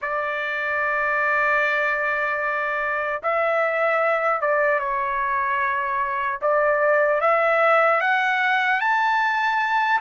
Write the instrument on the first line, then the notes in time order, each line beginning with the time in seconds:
trumpet
0.01 D5
3.22 E5
4.41 D5
4.79 C#5
6.41 D5
7.20 E5
8.00 F#5
8.80 A5